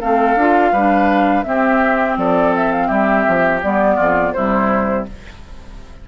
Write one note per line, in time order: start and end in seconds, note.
0.00 0.36 A3
0.00 0.38 C4
0.00 0.73 A4
0.00 1.44 F5
0.36 0.72 D4
0.36 0.76 F4
0.73 1.45 G3
0.73 1.45 D4
0.73 1.45 B4
1.44 3.61 C4
1.44 2.17 C4
1.44 2.19 G4
1.44 2.16 E5
2.17 2.90 F3
2.17 2.88 A4
2.17 2.55 D5
2.56 2.73 E5
2.73 2.88 F5
2.88 3.26 G3
2.88 3.96 G4
2.88 3.61 E5
3.28 3.64 F3
3.63 3.98 G3
3.63 4.35 B3
3.63 4.34 D5
3.96 4.34 F2
3.96 4.32 F4
4.34 5.08 C3
4.34 5.08 G3
4.34 5.09 E4
4.34 5.06 C5